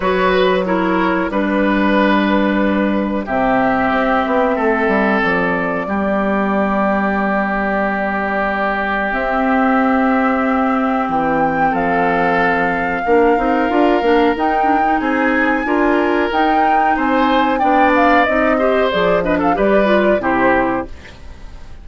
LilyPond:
<<
  \new Staff \with { instrumentName = "flute" } { \time 4/4 \tempo 4 = 92 cis''8 b'8 cis''4 b'2~ | b'4 e''2. | d''1~ | d''2 e''2~ |
e''4 g''4 f''2~ | f''2 g''4 gis''4~ | gis''4 g''4 gis''4 g''8 f''8 | dis''4 d''8 dis''16 f''16 d''4 c''4 | }
  \new Staff \with { instrumentName = "oboe" } { \time 4/4 b'4 ais'4 b'2~ | b'4 g'2 a'4~ | a'4 g'2.~ | g'1~ |
g'2 a'2 | ais'2. gis'4 | ais'2 c''4 d''4~ | d''8 c''4 b'16 a'16 b'4 g'4 | }
  \new Staff \with { instrumentName = "clarinet" } { \time 4/4 fis'4 e'4 d'2~ | d'4 c'2.~ | c'4 b2.~ | b2 c'2~ |
c'1 | d'8 dis'8 f'8 d'8 dis'8 d'16 dis'4~ dis'16 | f'4 dis'2 d'4 | dis'8 g'8 gis'8 d'8 g'8 f'8 e'4 | }
  \new Staff \with { instrumentName = "bassoon" } { \time 4/4 fis2 g2~ | g4 c4 c'8 b8 a8 g8 | f4 g2.~ | g2 c'2~ |
c'4 e4 f2 | ais8 c'8 d'8 ais8 dis'4 c'4 | d'4 dis'4 c'4 b4 | c'4 f4 g4 c4 | }
>>